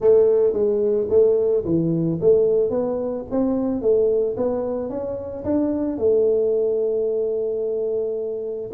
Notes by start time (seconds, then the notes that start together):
0.00 A3
0.53 G#3
1.09 A3
1.64 E3
2.21 A3
2.70 B3
3.30 C4
3.81 A3
4.36 B3
4.89 C#4
5.44 D4
5.98 A3